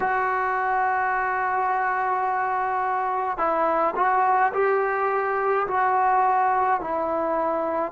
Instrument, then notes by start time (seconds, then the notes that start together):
trombone
0.00 F#4
3.37 E4
3.96 F#4
4.53 G4
5.67 F#4
6.80 E4